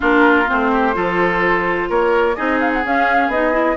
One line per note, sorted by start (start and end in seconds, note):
0.00 0.49 A#3
0.00 0.45 D4
0.00 0.71 F4
0.00 0.49 A#4
0.47 0.95 A3
0.47 0.93 C4
0.47 1.90 C5
0.71 0.95 G4
0.93 1.89 F3
0.93 2.35 F4
0.93 1.89 A4
1.89 2.36 A#3
1.89 2.36 A#4
1.89 2.35 C#5
2.35 2.84 C4
2.35 2.83 D#4
2.35 3.76 G#4
2.35 2.59 D#5
2.60 2.72 F5
2.73 2.84 F#5
2.84 3.28 C#4
2.84 3.32 C#4
2.84 3.30 F5
3.28 3.75 B3
3.28 3.52 D#4
3.28 3.76 D#5
3.52 3.75 E4